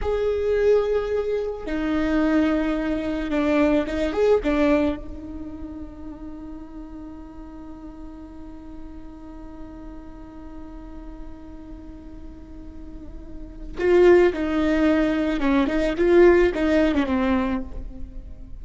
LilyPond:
\new Staff \with { instrumentName = "viola" } { \time 4/4 \tempo 4 = 109 gis'2. dis'4~ | dis'2 d'4 dis'8 gis'8 | d'4 dis'2.~ | dis'1~ |
dis'1~ | dis'1~ | dis'4 f'4 dis'2 | cis'8 dis'8 f'4 dis'8. cis'16 c'4 | }